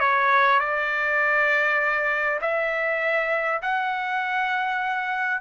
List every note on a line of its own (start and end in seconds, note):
0.00 0.60 C#5
0.60 2.40 D5
2.41 3.61 E5
3.62 5.41 F#5